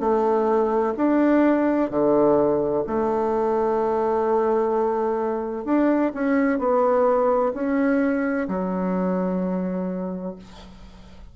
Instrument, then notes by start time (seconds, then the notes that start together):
bassoon
0.00 A3
0.97 D4
1.90 D3
2.87 A3
5.65 D4
6.14 C#4
6.59 B3
7.54 C#4
8.48 F#3